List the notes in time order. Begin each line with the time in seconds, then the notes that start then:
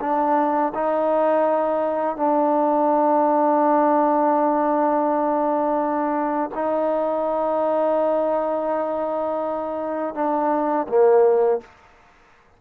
0.00 D4
0.74 D#4
2.16 D4
6.54 D#4
10.14 D4
10.88 A#3